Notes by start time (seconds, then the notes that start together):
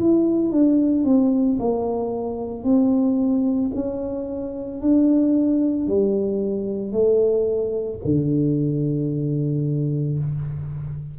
0.00 E4
0.52 D4
1.05 C4
1.60 A#3
2.64 C4
3.75 C#4
4.82 D4
5.87 G3
6.93 A3
8.05 D3